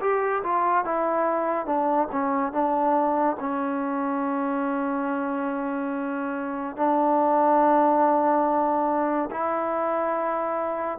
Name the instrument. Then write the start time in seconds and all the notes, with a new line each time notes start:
trombone
0.00 G4
0.43 F4
0.85 E4
1.66 D4
2.11 C#4
2.52 D4
3.40 C#4
6.76 D4
9.31 E4